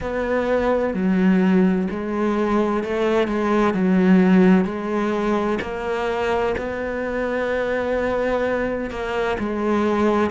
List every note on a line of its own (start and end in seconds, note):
0.00 0.94 B3
0.94 1.87 F#3
1.90 2.83 G#3
2.83 3.27 A3
3.27 3.74 G#3
3.74 4.64 F#3
4.64 5.58 G#3
5.61 6.55 A#3
6.57 8.90 B3
8.90 9.37 A#3
9.39 10.30 G#3